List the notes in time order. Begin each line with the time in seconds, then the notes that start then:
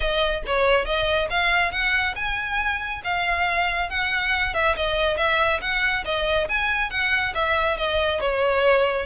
0.00 D#5
0.46 C#5
0.85 D#5
1.30 F5
1.71 F#5
2.15 G#5
3.04 F5
3.89 F#5
4.53 E5
4.76 D#5
5.17 E5
5.61 F#5
6.05 D#5
6.48 G#5
6.90 F#5
7.34 E5
7.77 D#5
8.20 C#5